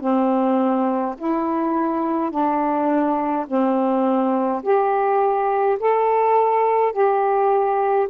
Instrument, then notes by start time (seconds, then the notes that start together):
saxophone
0.00 C4
1.17 E4
2.30 D4
3.47 C4
4.63 G4
5.79 A4
6.92 G4